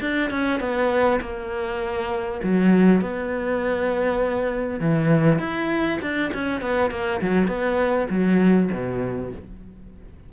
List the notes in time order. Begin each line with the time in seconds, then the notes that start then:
0.00 D4
0.30 C#4
0.59 B3
1.20 A#3
2.43 F#3
3.01 B3
4.80 E3
5.38 E4
6.01 D4
6.33 C#4
6.61 B3
6.90 A#3
7.21 F#3
7.47 B3
8.10 F#3
8.72 B2